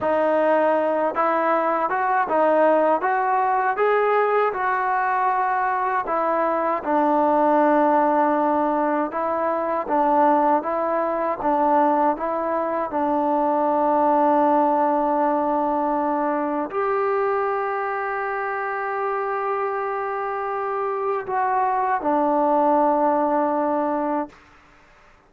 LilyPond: \new Staff \with { instrumentName = "trombone" } { \time 4/4 \tempo 4 = 79 dis'4. e'4 fis'8 dis'4 | fis'4 gis'4 fis'2 | e'4 d'2. | e'4 d'4 e'4 d'4 |
e'4 d'2.~ | d'2 g'2~ | g'1 | fis'4 d'2. | }